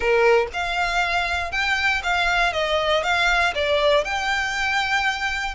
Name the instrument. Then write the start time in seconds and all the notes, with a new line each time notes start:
violin
0.00 A#4
0.53 F5
1.51 G5
2.03 F5
2.52 D#5
3.03 F5
3.54 D5
4.04 G5